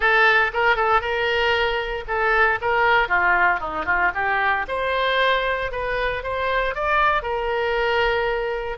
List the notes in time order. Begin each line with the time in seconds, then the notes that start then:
0.00 A4
0.53 A#4
0.75 A4
1.01 A#4
2.07 A4
2.61 A#4
3.08 F4
3.59 D#4
3.85 F4
4.14 G4
4.68 C5
5.71 B4
6.23 C5
6.74 D5
7.22 A#4